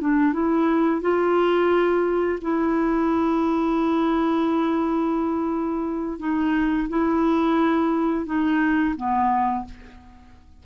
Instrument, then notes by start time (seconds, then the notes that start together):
clarinet
0.00 D4
0.33 E4
1.01 F4
2.41 E4
6.19 D#4
6.88 E4
8.26 D#4
8.96 B3